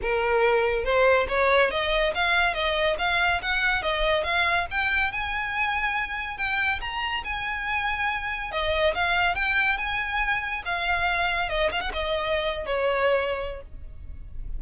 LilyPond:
\new Staff \with { instrumentName = "violin" } { \time 4/4 \tempo 4 = 141 ais'2 c''4 cis''4 | dis''4 f''4 dis''4 f''4 | fis''4 dis''4 f''4 g''4 | gis''2. g''4 |
ais''4 gis''2. | dis''4 f''4 g''4 gis''4~ | gis''4 f''2 dis''8 f''16 fis''16 | dis''4.~ dis''16 cis''2~ cis''16 | }